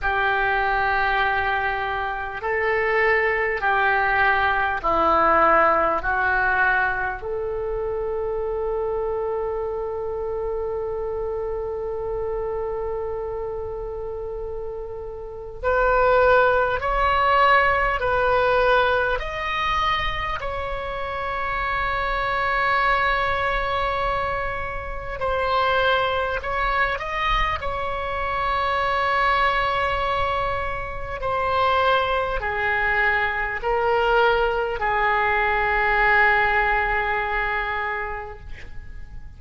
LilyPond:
\new Staff \with { instrumentName = "oboe" } { \time 4/4 \tempo 4 = 50 g'2 a'4 g'4 | e'4 fis'4 a'2~ | a'1~ | a'4 b'4 cis''4 b'4 |
dis''4 cis''2.~ | cis''4 c''4 cis''8 dis''8 cis''4~ | cis''2 c''4 gis'4 | ais'4 gis'2. | }